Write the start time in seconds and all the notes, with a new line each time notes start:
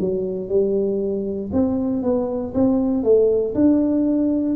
0.00 F#3
0.49 G3
1.53 C4
2.03 B3
2.54 C4
3.04 A3
3.55 D4